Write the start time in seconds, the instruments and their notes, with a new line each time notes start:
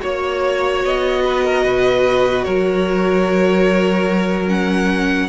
0.00 cello A#3, viola F#4, violin C#5
0.85 cello B3, violin D#5
1.24 violin B4
1.44 violin A#4
1.64 cello B2, violin B4
2.44 cello F#3, violin A#4 C#5
4.47 viola C#4, violin F#5